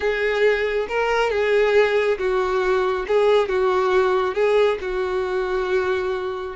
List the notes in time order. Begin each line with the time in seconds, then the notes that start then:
0.00 G#4
0.88 A#4
1.30 G#4
2.18 F#4
3.07 G#4
3.48 F#4
4.34 G#4
4.81 F#4